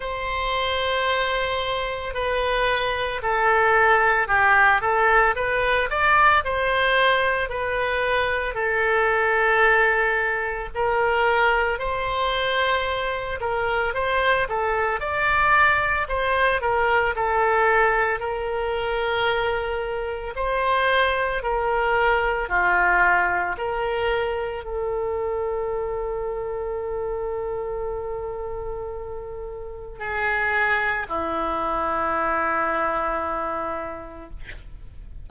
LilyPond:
\new Staff \with { instrumentName = "oboe" } { \time 4/4 \tempo 4 = 56 c''2 b'4 a'4 | g'8 a'8 b'8 d''8 c''4 b'4 | a'2 ais'4 c''4~ | c''8 ais'8 c''8 a'8 d''4 c''8 ais'8 |
a'4 ais'2 c''4 | ais'4 f'4 ais'4 a'4~ | a'1 | gis'4 e'2. | }